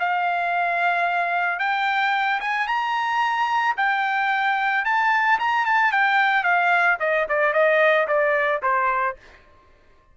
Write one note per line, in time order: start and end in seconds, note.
0.00 1.59 F5
1.59 2.41 G5
2.41 2.68 G#5
2.68 3.76 A#5
3.77 4.85 G5
4.85 5.39 A5
5.40 5.66 A#5
5.66 5.92 A5
5.92 6.44 G5
6.44 6.98 F5
7.00 7.27 D#5
7.29 7.54 D5
7.54 8.08 D#5
8.08 8.62 D5
8.63 9.17 C5